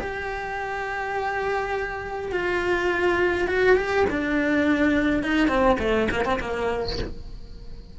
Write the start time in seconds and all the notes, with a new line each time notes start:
0.00 G4
2.32 F4
3.48 F#4
3.76 G4
4.10 D4
5.23 D#4
5.48 C4
5.79 A3
6.11 A#3
6.25 C4
6.41 A#3